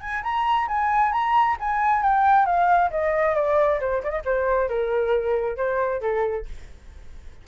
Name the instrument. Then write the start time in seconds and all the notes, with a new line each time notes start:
flute
0.00 G#5
0.23 A#5
0.67 G#5
1.12 A#5
1.59 G#5
2.02 G5
2.45 F5
2.90 D#5
3.35 D5
3.80 C5
4.03 D5
4.09 D#5
4.25 C5
4.68 A#4
5.56 C5
6.01 A4